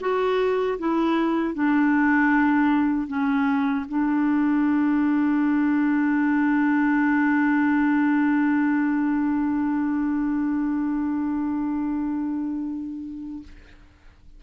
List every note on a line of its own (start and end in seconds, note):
0.00 0.78 F#4
0.78 1.54 E4
1.54 3.07 D4
3.07 3.85 C#4
3.88 13.43 D4